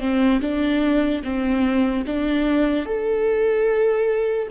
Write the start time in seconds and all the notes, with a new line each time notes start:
0.00 C4
0.41 D4
1.23 C4
2.06 D4
2.86 A4